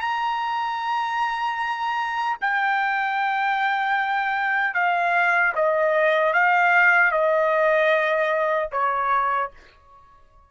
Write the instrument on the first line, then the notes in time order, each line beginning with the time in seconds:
trumpet
0.00 A#5
2.41 G5
4.74 F5
5.55 D#5
6.33 F5
7.11 D#5
8.72 C#5